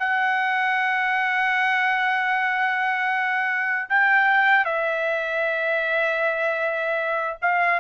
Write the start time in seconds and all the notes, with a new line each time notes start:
0.00 F#5
3.90 G5
4.65 E5
7.42 F5